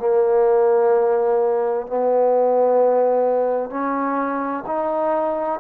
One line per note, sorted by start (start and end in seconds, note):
0.00 1.87 A#3
1.87 3.71 B3
3.71 4.64 C#4
4.67 5.60 D#4